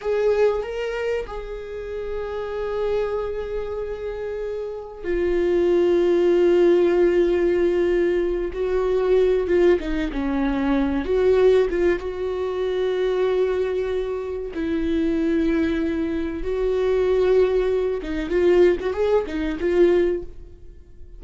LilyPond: \new Staff \with { instrumentName = "viola" } { \time 4/4 \tempo 4 = 95 gis'4 ais'4 gis'2~ | gis'1 | f'1~ | f'4. fis'4. f'8 dis'8 |
cis'4. fis'4 f'8 fis'4~ | fis'2. e'4~ | e'2 fis'2~ | fis'8 dis'8 f'8. fis'16 gis'8 dis'8 f'4 | }